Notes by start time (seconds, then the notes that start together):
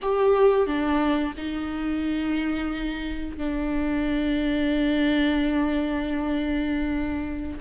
0.02 G4
0.66 D4
1.37 D#4
3.37 D4